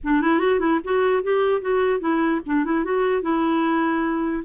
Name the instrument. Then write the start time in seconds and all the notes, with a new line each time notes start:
clarinet
0.03 D4
0.21 E4
0.39 F#4
0.59 E4
0.84 F#4
1.23 G4
1.61 F#4
2.00 E4
2.46 D4
2.64 E4
2.84 F#4
3.21 E4